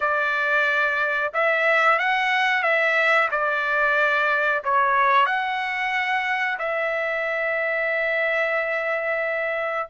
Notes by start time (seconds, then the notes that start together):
0.00 D5
1.33 E5
1.98 F#5
2.62 E5
3.31 D5
4.64 C#5
5.26 F#5
6.58 E5